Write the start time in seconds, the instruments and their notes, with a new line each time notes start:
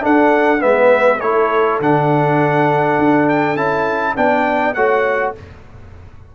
0.00 trombone D4, tuba D4, horn A4, trumpet F#5
0.60 tuba G#3, trombone B3, horn B4, trumpet E5
1.20 tuba A3, trombone E4, horn A4, trumpet C#5
1.80 tuba D3, trombone D4, trumpet F#5
2.98 tuba D4
3.29 trumpet G5
3.56 tuba C#4, trombone E4, trumpet A5
4.16 tuba B3, trombone D4, horn D5, trumpet G5
4.74 tuba A3, trombone F#4, horn C#5, trumpet F#5